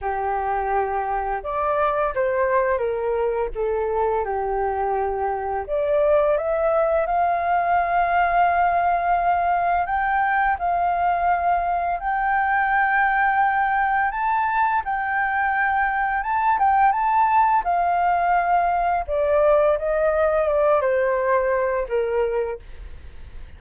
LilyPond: \new Staff \with { instrumentName = "flute" } { \time 4/4 \tempo 4 = 85 g'2 d''4 c''4 | ais'4 a'4 g'2 | d''4 e''4 f''2~ | f''2 g''4 f''4~ |
f''4 g''2. | a''4 g''2 a''8 g''8 | a''4 f''2 d''4 | dis''4 d''8 c''4. ais'4 | }